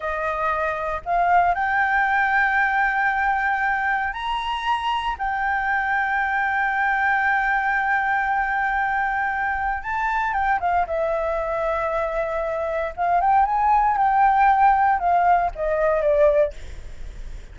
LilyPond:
\new Staff \with { instrumentName = "flute" } { \time 4/4 \tempo 4 = 116 dis''2 f''4 g''4~ | g''1 | ais''2 g''2~ | g''1~ |
g''2. a''4 | g''8 f''8 e''2.~ | e''4 f''8 g''8 gis''4 g''4~ | g''4 f''4 dis''4 d''4 | }